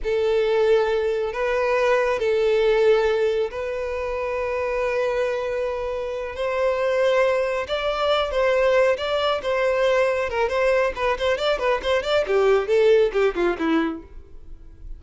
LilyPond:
\new Staff \with { instrumentName = "violin" } { \time 4/4 \tempo 4 = 137 a'2. b'4~ | b'4 a'2. | b'1~ | b'2~ b'8 c''4.~ |
c''4. d''4. c''4~ | c''8 d''4 c''2 ais'8 | c''4 b'8 c''8 d''8 b'8 c''8 d''8 | g'4 a'4 g'8 f'8 e'4 | }